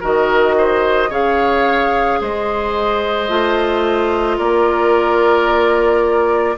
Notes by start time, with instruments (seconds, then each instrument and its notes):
0.00 bassoon D#3, clarinet F#4, oboe A#4, flute D#5
0.57 oboe C5
1.09 bassoon C#3, clarinet G#4, oboe C#5, flute F5
2.20 bassoon G#3, oboe C5, flute D#5
3.28 bassoon A3, clarinet F4
4.37 bassoon A#3, oboe A#4, flute D5